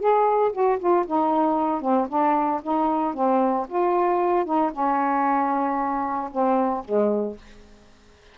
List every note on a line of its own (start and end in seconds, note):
0.00 0.53 G#4
0.53 0.79 F#4
0.79 1.06 F4
1.07 1.82 D#4
1.82 2.08 C4
2.09 2.62 D4
2.63 3.15 D#4
3.15 3.67 C4
3.69 4.45 F4
4.45 4.72 D#4
4.73 6.31 C#4
6.32 6.85 C4
6.85 7.38 G#3